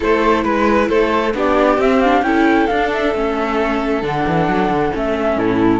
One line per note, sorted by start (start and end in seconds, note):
0.00 0.44 A3
0.00 1.33 E4
0.00 0.44 A4
0.00 0.43 C5
0.43 0.89 G#3
0.43 0.88 B4
0.88 1.34 A3
0.88 1.33 A4
0.88 1.34 C5
1.34 1.77 B3
1.34 1.79 D4
1.34 2.25 G4
1.34 1.80 D5
1.77 2.22 C4
1.77 2.04 C4
1.77 2.01 E5
2.01 2.24 D4
2.01 2.22 F5
2.22 2.66 C#4
2.22 2.68 E4
2.22 5.36 A4
2.22 2.67 G5
2.67 3.14 D4
2.67 3.15 D4
2.67 2.89 F5
2.92 4.04 E5
3.14 4.02 A3
3.14 4.02 C#4
4.02 4.25 D3
4.02 4.92 D4
4.02 4.94 F#5
4.27 4.48 E3
4.48 4.68 F#3
4.68 4.90 D3
4.92 5.36 A3
4.92 5.79 C#4
4.92 5.38 E5
5.36 5.79 A2
5.36 5.79 E4
5.36 5.79 A4